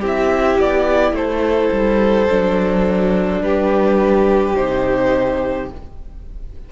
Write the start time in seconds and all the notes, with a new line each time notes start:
0.00 C4 E4 G4
0.06 E5
0.59 B3 D5
1.12 A3 A4 C5
1.72 G3
2.28 F#3 D4
3.41 G3 G4 B4
4.55 C3 D#4 C5